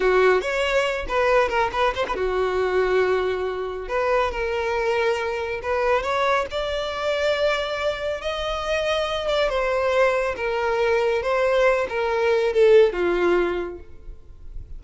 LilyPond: \new Staff \with { instrumentName = "violin" } { \time 4/4 \tempo 4 = 139 fis'4 cis''4. b'4 ais'8 | b'8 c''16 b'16 fis'2.~ | fis'4 b'4 ais'2~ | ais'4 b'4 cis''4 d''4~ |
d''2. dis''4~ | dis''4. d''8 c''2 | ais'2 c''4. ais'8~ | ais'4 a'4 f'2 | }